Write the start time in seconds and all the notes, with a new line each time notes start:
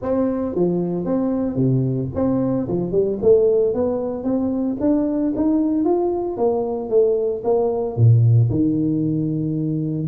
0.01 C4
0.55 F3
1.05 C4
1.55 C3
2.14 C4
2.68 F3
2.91 G3
3.22 A3
3.74 B3
4.23 C4
4.80 D4
5.36 D#4
5.84 F4
6.37 A#3
6.89 A3
7.44 A#3
7.96 A#2
8.50 D#3